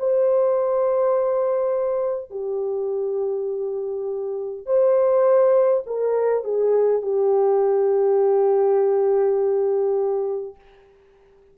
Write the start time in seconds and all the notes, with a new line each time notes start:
0.00 C5
2.31 G4
4.67 C5
5.87 A#4
6.44 G#4
7.03 G4